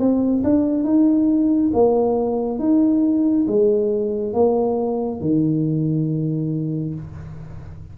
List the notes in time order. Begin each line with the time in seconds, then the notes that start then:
0.00 C4
0.44 D4
0.84 D#4
1.74 A#3
2.60 D#4
3.48 G#3
4.34 A#3
5.21 D#3